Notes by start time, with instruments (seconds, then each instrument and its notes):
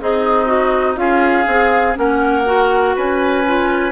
0.00 bassoon C4, oboe D#4, clarinet G#4, flute D#5
0.46 clarinet F#4
0.95 bassoon C#4, clarinet F4, oboe G#4, flute F5
1.47 bassoon C4, clarinet G#4
1.93 bassoon A#3, clarinet C#4, oboe A#4, flute F#5
2.45 clarinet F#4
2.95 bassoon C#4, oboe B4, flute G#5
3.46 clarinet F4